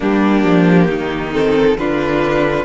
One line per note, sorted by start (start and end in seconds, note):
0.00 0.44 G3
0.00 1.32 A#3
0.00 0.88 D4
0.00 1.33 G4
0.44 0.88 F3
0.88 1.76 D#3
0.88 1.77 D#4
1.32 1.76 C4
1.32 1.77 A4
1.77 2.65 D3
1.77 2.65 D4
1.77 2.65 F4
1.77 2.65 B4